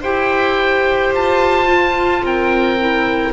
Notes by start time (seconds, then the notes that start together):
0.00 E4 G4 C5 G5
1.12 F4 A5
1.66 F4
2.21 C4 A#4 G5
2.78 E4